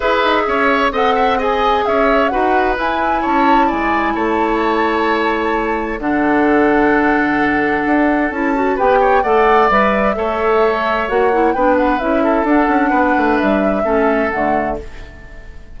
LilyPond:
<<
  \new Staff \with { instrumentName = "flute" } { \time 4/4 \tempo 4 = 130 e''2 fis''4 gis''4 | e''4 fis''4 gis''4 a''4 | gis''4 a''2.~ | a''4 fis''2.~ |
fis''2 a''4 g''4 | fis''4 e''2. | fis''4 g''8 fis''8 e''4 fis''4~ | fis''4 e''2 fis''4 | }
  \new Staff \with { instrumentName = "oboe" } { \time 4/4 b'4 cis''4 dis''8 e''8 dis''4 | cis''4 b'2 cis''4 | d''4 cis''2.~ | cis''4 a'2.~ |
a'2. b'8 cis''8 | d''2 cis''2~ | cis''4 b'4. a'4. | b'2 a'2 | }
  \new Staff \with { instrumentName = "clarinet" } { \time 4/4 gis'2 a'4 gis'4~ | gis'4 fis'4 e'2~ | e'1~ | e'4 d'2.~ |
d'2 e'8 fis'8 g'4 | a'4 b'4 a'2 | fis'8 e'8 d'4 e'4 d'4~ | d'2 cis'4 a4 | }
  \new Staff \with { instrumentName = "bassoon" } { \time 4/4 e'8 dis'8 cis'4 c'2 | cis'4 dis'4 e'4 cis'4 | gis4 a2.~ | a4 d2.~ |
d4 d'4 cis'4 b4 | a4 g4 a2 | ais4 b4 cis'4 d'8 cis'8 | b8 a8 g4 a4 d4 | }
>>